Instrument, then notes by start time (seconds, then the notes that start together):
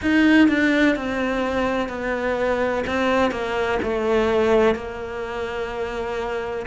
cello
0.02 D#4
0.48 D4
0.95 C4
1.88 B3
2.87 C4
3.31 A#3
3.82 A3
4.75 A#3